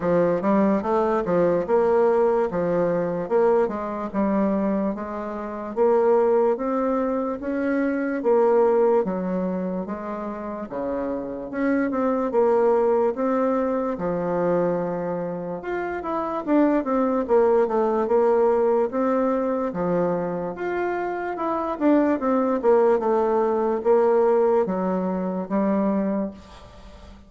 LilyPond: \new Staff \with { instrumentName = "bassoon" } { \time 4/4 \tempo 4 = 73 f8 g8 a8 f8 ais4 f4 | ais8 gis8 g4 gis4 ais4 | c'4 cis'4 ais4 fis4 | gis4 cis4 cis'8 c'8 ais4 |
c'4 f2 f'8 e'8 | d'8 c'8 ais8 a8 ais4 c'4 | f4 f'4 e'8 d'8 c'8 ais8 | a4 ais4 fis4 g4 | }